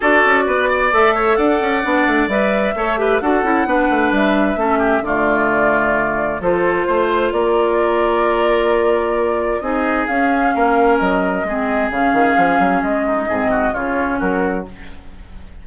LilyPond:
<<
  \new Staff \with { instrumentName = "flute" } { \time 4/4 \tempo 4 = 131 d''2 e''4 fis''4~ | fis''4 e''2 fis''4~ | fis''4 e''2 d''4~ | d''2 c''2 |
d''1~ | d''4 dis''4 f''2 | dis''2 f''2 | dis''2 cis''4 ais'4 | }
  \new Staff \with { instrumentName = "oboe" } { \time 4/4 a'4 b'8 d''4 cis''8 d''4~ | d''2 cis''8 b'8 a'4 | b'2 a'8 g'8 f'4~ | f'2 a'4 c''4 |
ais'1~ | ais'4 gis'2 ais'4~ | ais'4 gis'2.~ | gis'8 dis'8 gis'8 fis'8 f'4 fis'4 | }
  \new Staff \with { instrumentName = "clarinet" } { \time 4/4 fis'2 a'2 | d'4 b'4 a'8 g'8 fis'8 e'8 | d'2 cis'4 a4~ | a2 f'2~ |
f'1~ | f'4 dis'4 cis'2~ | cis'4 c'4 cis'2~ | cis'4 c'4 cis'2 | }
  \new Staff \with { instrumentName = "bassoon" } { \time 4/4 d'8 cis'8 b4 a4 d'8 cis'8 | b8 a8 g4 a4 d'8 cis'8 | b8 a8 g4 a4 d4~ | d2 f4 a4 |
ais1~ | ais4 c'4 cis'4 ais4 | fis4 gis4 cis8 dis8 f8 fis8 | gis4 gis,4 cis4 fis4 | }
>>